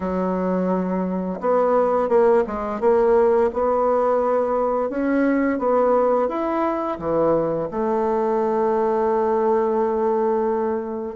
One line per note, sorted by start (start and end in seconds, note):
0.00 1.40 F#3
1.40 2.08 B3
2.08 2.43 A#3
2.46 2.80 G#3
2.80 3.50 A#3
3.53 4.89 B3
4.89 5.58 C#4
5.58 6.28 B3
6.28 6.98 E4
6.99 7.68 E3
7.70 11.15 A3